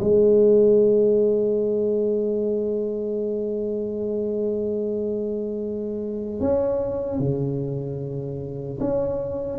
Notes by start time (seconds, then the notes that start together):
0.00 G#3
6.40 C#4
7.19 C#3
8.80 C#4